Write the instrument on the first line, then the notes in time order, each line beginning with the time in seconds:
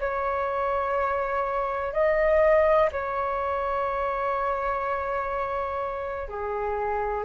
flute
0.00 C#5
1.93 D#5
2.92 C#5
6.29 G#4